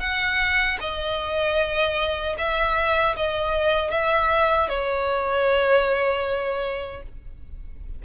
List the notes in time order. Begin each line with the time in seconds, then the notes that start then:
0.00 F#5
0.80 D#5
2.38 E5
3.16 D#5
3.91 E5
4.69 C#5